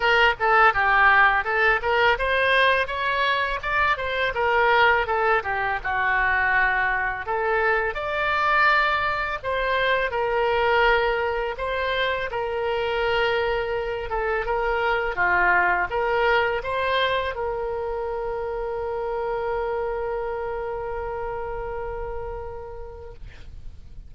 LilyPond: \new Staff \with { instrumentName = "oboe" } { \time 4/4 \tempo 4 = 83 ais'8 a'8 g'4 a'8 ais'8 c''4 | cis''4 d''8 c''8 ais'4 a'8 g'8 | fis'2 a'4 d''4~ | d''4 c''4 ais'2 |
c''4 ais'2~ ais'8 a'8 | ais'4 f'4 ais'4 c''4 | ais'1~ | ais'1 | }